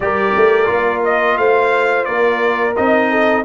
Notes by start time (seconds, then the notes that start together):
0.00 G3 G4 A#4 D5
0.36 A3
0.65 A#3 F4
1.04 D#5
1.37 A3 C5 F5
2.04 A#3 A#4 D5
2.76 C4 D#4 D#5
3.10 A4